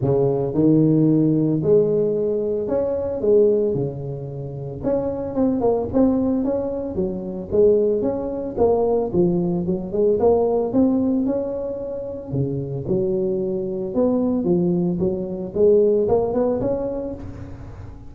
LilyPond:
\new Staff \with { instrumentName = "tuba" } { \time 4/4 \tempo 4 = 112 cis4 dis2 gis4~ | gis4 cis'4 gis4 cis4~ | cis4 cis'4 c'8 ais8 c'4 | cis'4 fis4 gis4 cis'4 |
ais4 f4 fis8 gis8 ais4 | c'4 cis'2 cis4 | fis2 b4 f4 | fis4 gis4 ais8 b8 cis'4 | }